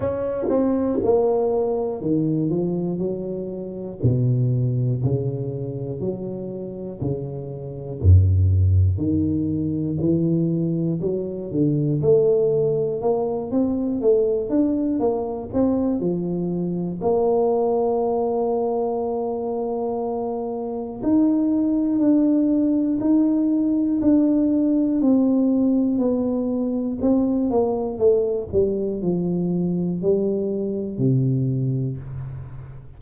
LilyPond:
\new Staff \with { instrumentName = "tuba" } { \time 4/4 \tempo 4 = 60 cis'8 c'8 ais4 dis8 f8 fis4 | b,4 cis4 fis4 cis4 | fis,4 dis4 e4 fis8 d8 | a4 ais8 c'8 a8 d'8 ais8 c'8 |
f4 ais2.~ | ais4 dis'4 d'4 dis'4 | d'4 c'4 b4 c'8 ais8 | a8 g8 f4 g4 c4 | }